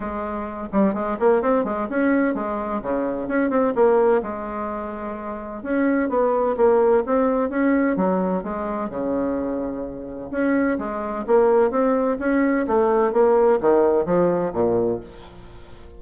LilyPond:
\new Staff \with { instrumentName = "bassoon" } { \time 4/4 \tempo 4 = 128 gis4. g8 gis8 ais8 c'8 gis8 | cis'4 gis4 cis4 cis'8 c'8 | ais4 gis2. | cis'4 b4 ais4 c'4 |
cis'4 fis4 gis4 cis4~ | cis2 cis'4 gis4 | ais4 c'4 cis'4 a4 | ais4 dis4 f4 ais,4 | }